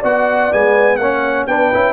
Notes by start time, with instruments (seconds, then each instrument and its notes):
0.00 tuba B3, trombone F#4, horn D5, trumpet F#5
0.51 tuba G#3, trombone B3, trumpet G#5
0.96 tuba A#3, trombone C#4, horn C#5, trumpet F#5
1.47 tuba B3, trombone D4, horn B4, trumpet G5
1.73 tuba C#4, trombone E4